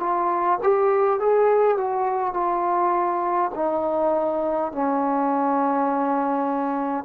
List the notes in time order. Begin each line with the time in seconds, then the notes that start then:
0.00 F4
0.63 G4
1.20 G#4
1.78 F#4
2.34 F4
3.55 D#4
4.72 C#4